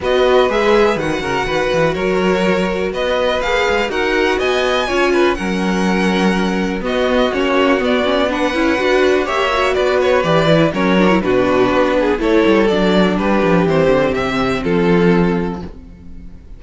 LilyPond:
<<
  \new Staff \with { instrumentName = "violin" } { \time 4/4 \tempo 4 = 123 dis''4 e''4 fis''2 | cis''2 dis''4 f''4 | fis''4 gis''2 fis''4~ | fis''2 dis''4 cis''4 |
d''4 fis''2 e''4 | d''8 cis''8 d''4 cis''4 b'4~ | b'4 cis''4 d''4 b'4 | c''4 e''4 a'2 | }
  \new Staff \with { instrumentName = "violin" } { \time 4/4 b'2~ b'8 ais'8 b'4 | ais'2 b'2 | ais'4 dis''4 cis''8 b'8 ais'4~ | ais'2 fis'2~ |
fis'4 b'2 cis''4 | b'2 ais'4 fis'4~ | fis'8 gis'8 a'2 g'4~ | g'2 f'2 | }
  \new Staff \with { instrumentName = "viola" } { \time 4/4 fis'4 gis'4 fis'2~ | fis'2. gis'4 | fis'2 f'4 cis'4~ | cis'2 b4 cis'4 |
b8 cis'8 d'8 e'8 fis'4 g'8 fis'8~ | fis'4 g'8 e'8 cis'8 d'16 e'16 d'4~ | d'4 e'4 d'2 | c'1 | }
  \new Staff \with { instrumentName = "cello" } { \time 4/4 b4 gis4 dis8 cis8 dis8 e8 | fis2 b4 ais8 gis8 | dis'4 b4 cis'4 fis4~ | fis2 b4 ais4 |
b4. cis'8 d'4 ais4 | b4 e4 fis4 b,4 | b4 a8 g8 fis4 g8 f8 | e8 d8 c4 f2 | }
>>